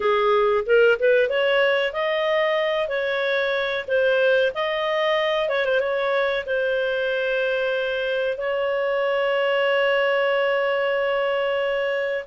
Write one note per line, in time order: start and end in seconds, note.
0.00 0.64 G#4
0.66 0.98 A#4
0.99 1.29 B4
1.29 1.92 C#5
1.92 2.88 D#5
2.88 3.85 C#5
3.87 4.52 C5
4.54 5.48 D#5
5.48 5.65 C#5
5.65 5.79 C5
5.79 6.44 C#5
6.46 8.37 C5
8.37 12.24 C#5